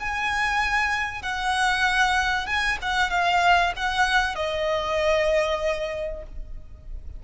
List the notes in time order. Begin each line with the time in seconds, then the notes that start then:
0.00 G#5
1.22 F#5
2.47 G#5
2.82 F#5
3.11 F5
3.76 F#5
4.36 D#5